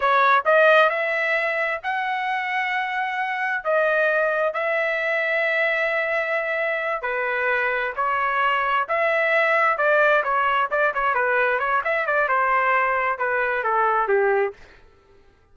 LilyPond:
\new Staff \with { instrumentName = "trumpet" } { \time 4/4 \tempo 4 = 132 cis''4 dis''4 e''2 | fis''1 | dis''2 e''2~ | e''2.~ e''8 b'8~ |
b'4. cis''2 e''8~ | e''4. d''4 cis''4 d''8 | cis''8 b'4 cis''8 e''8 d''8 c''4~ | c''4 b'4 a'4 g'4 | }